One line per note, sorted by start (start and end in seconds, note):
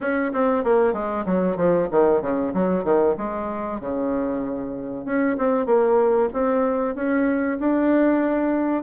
0.01 0.32 C#4
0.32 0.64 C4
0.64 0.93 A#3
0.93 1.24 G#3
1.25 1.56 F#3
1.56 1.88 F3
1.91 2.21 D#3
2.21 2.53 C#3
2.53 2.84 F#3
2.84 3.15 D#3
3.17 3.80 G#3
3.80 5.05 C#3
5.05 5.37 C#4
5.37 5.66 C4
5.66 6.29 A#3
6.33 6.95 C4
6.95 7.58 C#4
7.59 8.82 D4